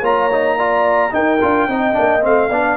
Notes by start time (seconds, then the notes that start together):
0.00 A#3 F4 C#5 A#5
0.32 D#4
0.57 F4 D5
1.11 D#4 A#4 G5
1.41 D4 F4
1.67 C4 D#4 D#5
1.93 A#3 D4
2.21 A3 C4 F5
2.50 B3 D4 D5